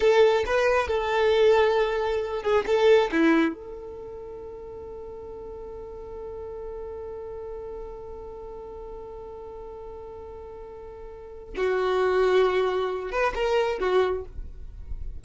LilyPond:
\new Staff \with { instrumentName = "violin" } { \time 4/4 \tempo 4 = 135 a'4 b'4 a'2~ | a'4. gis'8 a'4 e'4 | a'1~ | a'1~ |
a'1~ | a'1~ | a'2 fis'2~ | fis'4. b'8 ais'4 fis'4 | }